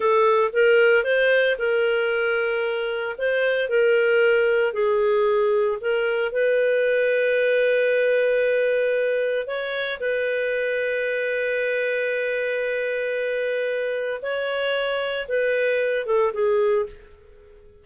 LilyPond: \new Staff \with { instrumentName = "clarinet" } { \time 4/4 \tempo 4 = 114 a'4 ais'4 c''4 ais'4~ | ais'2 c''4 ais'4~ | ais'4 gis'2 ais'4 | b'1~ |
b'2 cis''4 b'4~ | b'1~ | b'2. cis''4~ | cis''4 b'4. a'8 gis'4 | }